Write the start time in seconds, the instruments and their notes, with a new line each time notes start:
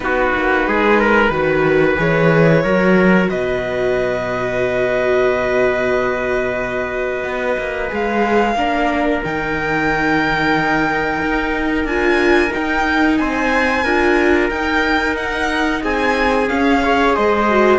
0.00 cello B3, viola D#4, trumpet F#4, violin B4
0.34 cello A#3
0.67 cello G#3, trumpet G#4
0.99 trumpet A#4
1.30 cello D#3, viola F#4, trumpet B4
1.96 cello E3, viola G#4, violin C#5
2.63 cello F#3, viola F#4, trumpet A#4
3.29 cello B2, trumpet B4, violin D#5
7.23 cello B3
7.58 cello A#3
7.88 cello G#3, viola G#4, violin F5
8.55 cello A#3, viola D4, trumpet A#4
9.23 cello D#3, viola D#4, violin G5
11.21 cello D#4
11.84 cello D4, viola F4, violin G#5
12.50 viola D#4, cello D#4, violin G5
13.17 cello C4, trumpet C5, violin G#5
13.84 cello D4, viola F4, trumpet A#4
14.49 cello D#4, viola D#4, violin G5
15.16 violin F#5
15.83 cello C4, trumpet G#4, violin G#5
16.48 viola C#4, cello C#4, violin F5
16.82 viola G#4, trumpet C#5
17.15 cello G#3, trumpet C5, violin D#5
17.49 viola F#4